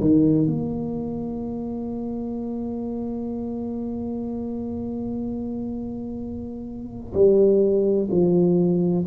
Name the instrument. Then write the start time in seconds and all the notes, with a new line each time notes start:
tuba
0.00 D#3
0.46 A#3
7.13 G3
8.10 F3